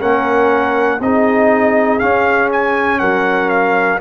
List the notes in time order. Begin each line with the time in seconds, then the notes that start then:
0.00 A#3 C#4 A#4 F#5
1.00 C4 D#4 G#4 D#5
1.99 C#4 F5
2.52 G#5
2.99 F#3 A#4 F#5
3.49 F5